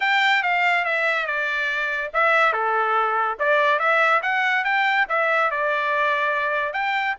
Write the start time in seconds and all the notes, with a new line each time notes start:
0.00 G5
0.42 F5
0.85 E5
1.26 D5
2.13 E5
2.53 A4
3.39 D5
3.79 E5
4.22 F#5
4.64 G5
5.08 E5
5.50 D5
6.73 G5